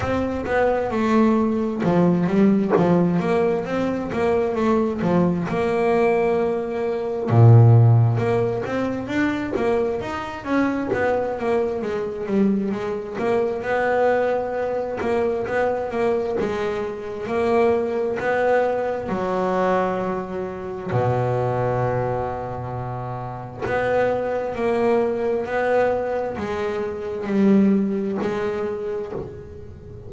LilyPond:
\new Staff \with { instrumentName = "double bass" } { \time 4/4 \tempo 4 = 66 c'8 b8 a4 f8 g8 f8 ais8 | c'8 ais8 a8 f8 ais2 | ais,4 ais8 c'8 d'8 ais8 dis'8 cis'8 | b8 ais8 gis8 g8 gis8 ais8 b4~ |
b8 ais8 b8 ais8 gis4 ais4 | b4 fis2 b,4~ | b,2 b4 ais4 | b4 gis4 g4 gis4 | }